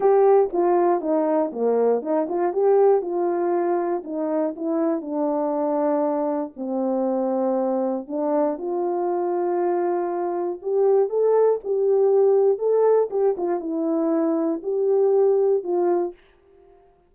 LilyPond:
\new Staff \with { instrumentName = "horn" } { \time 4/4 \tempo 4 = 119 g'4 f'4 dis'4 ais4 | dis'8 f'8 g'4 f'2 | dis'4 e'4 d'2~ | d'4 c'2. |
d'4 f'2.~ | f'4 g'4 a'4 g'4~ | g'4 a'4 g'8 f'8 e'4~ | e'4 g'2 f'4 | }